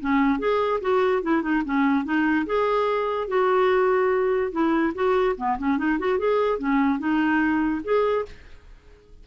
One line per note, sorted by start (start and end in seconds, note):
0.00 0.39 C#4
0.39 0.80 G#4
0.81 1.22 F#4
1.22 1.42 E4
1.42 1.63 D#4
1.65 2.04 C#4
2.04 2.46 D#4
2.46 3.28 G#4
3.28 4.51 F#4
4.51 4.93 E4
4.94 5.36 F#4
5.37 5.57 B3
5.58 5.78 C#4
5.78 5.98 D#4
5.99 6.18 F#4
6.18 6.58 G#4
6.58 6.99 C#4
6.99 7.82 D#4
7.84 8.25 G#4